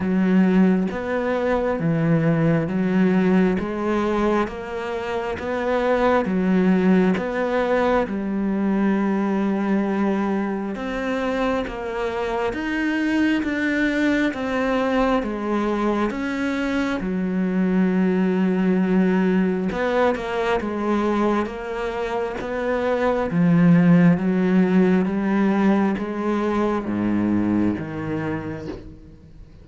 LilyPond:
\new Staff \with { instrumentName = "cello" } { \time 4/4 \tempo 4 = 67 fis4 b4 e4 fis4 | gis4 ais4 b4 fis4 | b4 g2. | c'4 ais4 dis'4 d'4 |
c'4 gis4 cis'4 fis4~ | fis2 b8 ais8 gis4 | ais4 b4 f4 fis4 | g4 gis4 gis,4 dis4 | }